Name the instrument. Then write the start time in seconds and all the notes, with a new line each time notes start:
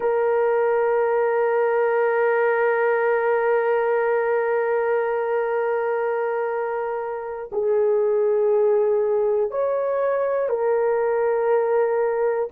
horn
0.00 A#4
7.51 G#4
9.50 C#5
10.49 A#4